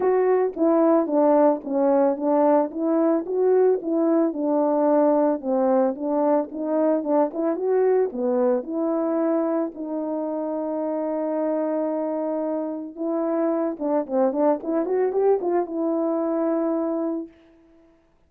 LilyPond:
\new Staff \with { instrumentName = "horn" } { \time 4/4 \tempo 4 = 111 fis'4 e'4 d'4 cis'4 | d'4 e'4 fis'4 e'4 | d'2 c'4 d'4 | dis'4 d'8 e'8 fis'4 b4 |
e'2 dis'2~ | dis'1 | e'4. d'8 c'8 d'8 e'8 fis'8 | g'8 f'8 e'2. | }